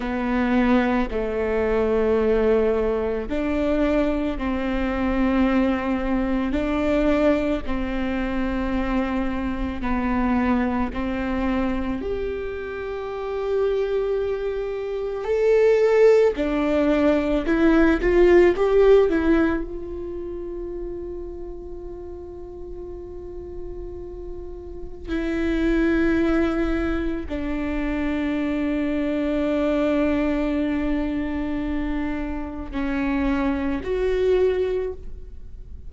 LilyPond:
\new Staff \with { instrumentName = "viola" } { \time 4/4 \tempo 4 = 55 b4 a2 d'4 | c'2 d'4 c'4~ | c'4 b4 c'4 g'4~ | g'2 a'4 d'4 |
e'8 f'8 g'8 e'8 f'2~ | f'2. e'4~ | e'4 d'2.~ | d'2 cis'4 fis'4 | }